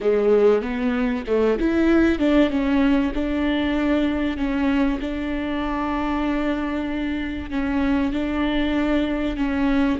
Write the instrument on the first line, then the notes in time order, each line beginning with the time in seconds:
viola
0.00 G#3
0.62 B3
1.27 A3
1.59 E4
2.18 D4
2.50 C#4
3.14 D4
4.37 C#4
5.00 D4
7.50 C#4
8.12 D4
9.37 C#4